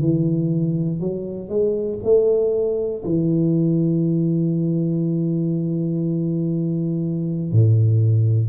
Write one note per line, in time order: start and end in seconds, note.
0.00 1.00 E3
1.00 1.49 F#3
1.49 1.99 G#3
2.04 3.04 A3
3.05 7.52 E3
7.52 8.49 A2